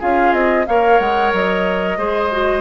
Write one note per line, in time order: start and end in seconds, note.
0.00 0.33 C#4
0.00 0.66 F4
0.00 0.66 G#4
0.00 0.33 F5
0.33 0.66 C4
0.33 0.66 D#5
0.67 1.00 A#3
0.67 1.99 A#4
0.67 1.98 C#5
0.67 0.99 F5
0.99 1.33 G#3
0.99 1.32 F#5
1.33 1.98 F#3
1.33 2.61 D#5
1.98 2.61 G#3
1.98 2.32 G#4
1.98 2.61 C5
2.32 2.61 F#4